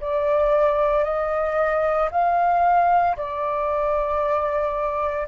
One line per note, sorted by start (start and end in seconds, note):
0.00 1.04 D5
1.04 2.10 D#5
2.11 3.16 F5
3.17 5.27 D5